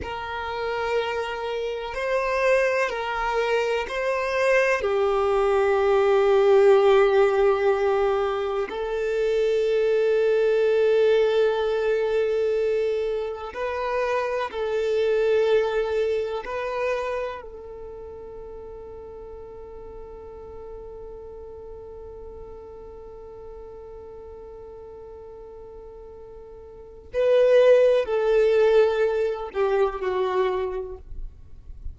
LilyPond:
\new Staff \with { instrumentName = "violin" } { \time 4/4 \tempo 4 = 62 ais'2 c''4 ais'4 | c''4 g'2.~ | g'4 a'2.~ | a'2 b'4 a'4~ |
a'4 b'4 a'2~ | a'1~ | a'1 | b'4 a'4. g'8 fis'4 | }